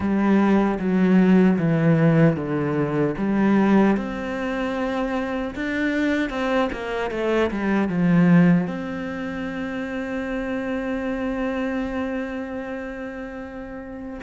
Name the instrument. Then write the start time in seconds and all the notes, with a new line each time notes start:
cello
0.00 G3
0.79 F#3
1.58 E3
2.36 D3
3.17 G3
3.96 C4
5.55 D4
6.29 C4
6.72 A#3
7.11 A3
7.50 G3
7.88 F3
8.67 C4